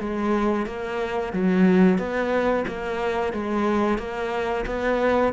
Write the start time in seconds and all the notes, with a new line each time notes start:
0.00 G#3
0.66 A#3
1.33 F#3
1.98 B3
2.68 A#3
3.33 G#3
3.98 A#3
4.66 B3